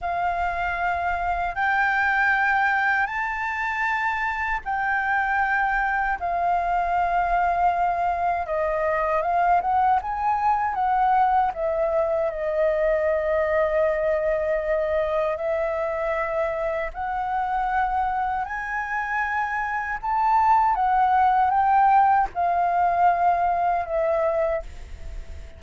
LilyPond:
\new Staff \with { instrumentName = "flute" } { \time 4/4 \tempo 4 = 78 f''2 g''2 | a''2 g''2 | f''2. dis''4 | f''8 fis''8 gis''4 fis''4 e''4 |
dis''1 | e''2 fis''2 | gis''2 a''4 fis''4 | g''4 f''2 e''4 | }